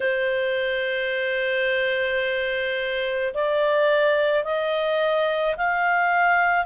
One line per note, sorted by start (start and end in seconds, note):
0.00 3.33 C5
3.33 4.44 D5
4.44 5.55 D#5
5.57 6.65 F5